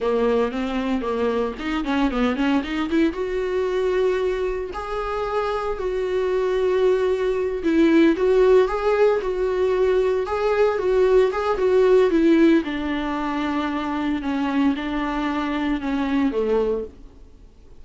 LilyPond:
\new Staff \with { instrumentName = "viola" } { \time 4/4 \tempo 4 = 114 ais4 c'4 ais4 dis'8 cis'8 | b8 cis'8 dis'8 e'8 fis'2~ | fis'4 gis'2 fis'4~ | fis'2~ fis'8 e'4 fis'8~ |
fis'8 gis'4 fis'2 gis'8~ | gis'8 fis'4 gis'8 fis'4 e'4 | d'2. cis'4 | d'2 cis'4 a4 | }